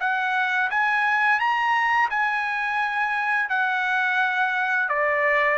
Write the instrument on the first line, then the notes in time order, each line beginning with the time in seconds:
trumpet
0.00 F#5
0.70 G#5
1.40 A#5
2.10 G#5
3.49 F#5
4.89 D5